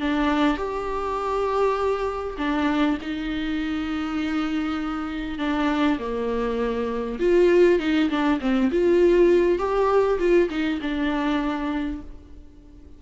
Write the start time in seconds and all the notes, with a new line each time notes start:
0.00 D4
0.57 G4
2.38 D4
3.01 D#4
5.39 D4
5.99 A#3
7.19 F4
7.79 D#4
8.09 D4
8.41 C4
8.71 F4
9.58 G4
10.19 F4
10.49 D#4
10.81 D4